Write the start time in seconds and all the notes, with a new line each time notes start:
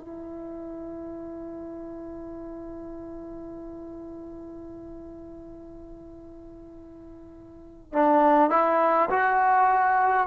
0.00 E4
7.94 D4
8.51 E4
9.11 F#4